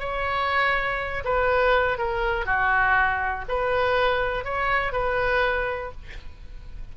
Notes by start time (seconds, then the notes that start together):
0.00 C#5
1.25 B4
1.99 A#4
2.46 F#4
3.49 B4
4.45 C#5
4.93 B4